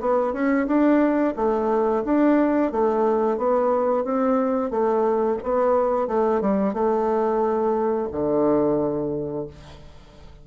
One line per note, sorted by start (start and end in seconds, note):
0.00 0.33 B3
0.33 0.66 C#4
0.67 1.34 D4
1.36 2.03 A3
2.05 2.72 D4
2.72 3.37 A3
3.37 4.04 B3
4.04 4.70 C4
4.70 5.38 A3
5.43 6.07 B3
6.07 6.41 A3
6.41 6.74 G3
6.74 8.08 A3
8.12 9.47 D3